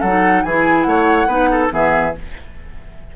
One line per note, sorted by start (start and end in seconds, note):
0.00 0.43 F#3
0.00 0.42 A4
0.00 0.43 F#5
0.06 0.46 D#4
0.43 0.85 E3
0.43 1.28 E4
0.43 0.87 G#4
0.43 0.82 G#5
0.82 1.26 A3
0.82 1.27 C#5
0.82 1.67 F#5
1.26 1.69 B3
1.26 1.69 D#4
1.26 1.48 B4
1.51 1.72 A4
1.69 2.14 E3
1.69 2.12 B3
1.69 2.15 G#4
1.69 2.15 E5